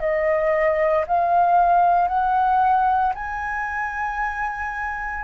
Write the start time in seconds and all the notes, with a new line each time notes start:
0.00 D#5
1.07 F5
2.08 F#5
3.15 G#5